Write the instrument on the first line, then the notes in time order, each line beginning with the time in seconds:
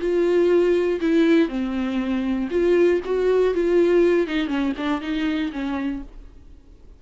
viola
0.00 F4
1.01 E4
1.49 C4
2.51 F4
3.05 F#4
3.55 F4
4.27 D#4
4.48 C#4
4.77 D4
5.02 D#4
5.53 C#4